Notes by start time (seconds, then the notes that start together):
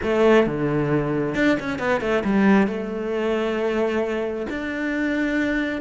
0.02 A3
0.46 D3
1.34 D4
1.59 C#4
1.78 B3
2.00 A3
2.24 G3
2.67 A3
4.49 D4